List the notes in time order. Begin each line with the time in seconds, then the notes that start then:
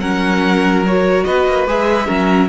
0.00 F#3 C#4 A#4 F#5
0.87 F#4 C#5
1.24 B3 B4 D#5
1.47 A#3
1.67 G#3 G#4 E5
2.07 F#3 C#4 A#4